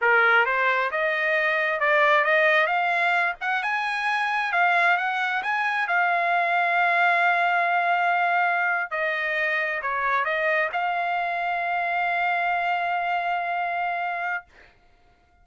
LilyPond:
\new Staff \with { instrumentName = "trumpet" } { \time 4/4 \tempo 4 = 133 ais'4 c''4 dis''2 | d''4 dis''4 f''4. fis''8 | gis''2 f''4 fis''4 | gis''4 f''2.~ |
f''2.~ f''8. dis''16~ | dis''4.~ dis''16 cis''4 dis''4 f''16~ | f''1~ | f''1 | }